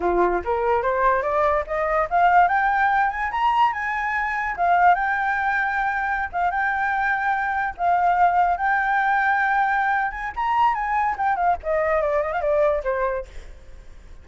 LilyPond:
\new Staff \with { instrumentName = "flute" } { \time 4/4 \tempo 4 = 145 f'4 ais'4 c''4 d''4 | dis''4 f''4 g''4. gis''8 | ais''4 gis''2 f''4 | g''2.~ g''16 f''8 g''16~ |
g''2~ g''8. f''4~ f''16~ | f''8. g''2.~ g''16~ | g''8 gis''8 ais''4 gis''4 g''8 f''8 | dis''4 d''8 dis''16 f''16 d''4 c''4 | }